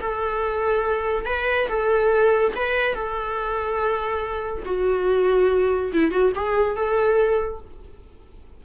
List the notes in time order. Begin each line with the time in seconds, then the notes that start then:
0.00 A4
1.25 B4
1.68 A4
2.55 B4
2.94 A4
4.65 F#4
5.93 E4
6.11 F#4
6.35 G#4
6.76 A4